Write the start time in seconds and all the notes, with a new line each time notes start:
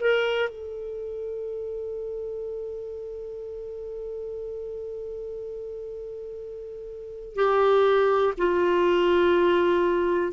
0.00 A#4
0.49 A4
7.35 G4
8.37 F4